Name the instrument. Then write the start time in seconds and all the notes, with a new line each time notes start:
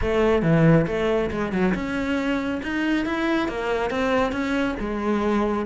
cello
0.01 A3
0.42 E3
0.86 A3
1.30 G#3
1.52 F#3
1.74 C#4
2.63 D#4
3.05 E4
3.48 A#3
3.90 C4
4.32 C#4
4.79 G#3